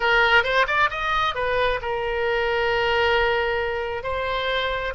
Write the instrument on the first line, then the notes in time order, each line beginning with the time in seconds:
oboe
0.00 A#4
0.43 C5
0.67 D5
0.90 D#5
1.35 B4
1.81 A#4
4.03 C5